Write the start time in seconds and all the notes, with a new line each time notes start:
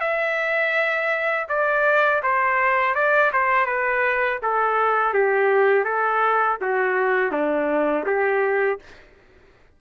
0.00 E5
1.49 D5
2.23 C5
2.95 D5
3.33 C5
3.66 B4
4.42 A4
5.14 G4
5.84 A4
6.61 F#4
7.32 D4
8.06 G4